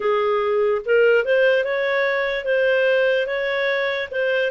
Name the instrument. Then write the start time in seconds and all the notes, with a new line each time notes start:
clarinet
0.00 G#4
0.85 A#4
1.24 C5
1.64 C#5
2.44 C5
3.27 C#5
4.11 C5